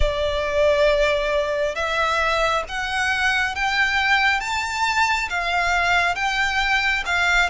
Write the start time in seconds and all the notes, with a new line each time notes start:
0.00 D5
1.75 E5
2.68 F#5
3.55 G5
4.40 A5
5.29 F5
6.15 G5
7.05 F5